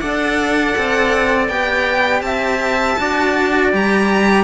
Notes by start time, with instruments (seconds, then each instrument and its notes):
0.00 cello D4 A4, trumpet D5, violin F#5
0.78 cello C4
1.48 cello B3 G4, violin G5
2.21 cello C4, trumpet E5, violin A5
2.99 cello D4 F#4, trumpet D5
3.73 cello G3 G4, violin A#5